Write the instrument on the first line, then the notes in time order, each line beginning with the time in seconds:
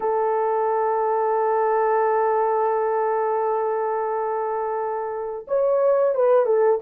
horn
0.00 A4
5.47 C#5
6.14 B4
6.45 A4